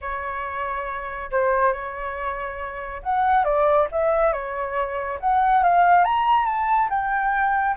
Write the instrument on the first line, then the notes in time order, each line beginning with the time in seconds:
flute
0.01 C#5
1.31 C5
1.72 C#5
3.02 F#5
3.44 D5
3.91 E5
4.32 C#5
5.20 F#5
5.63 F5
6.04 A#5
6.45 A5
6.89 G5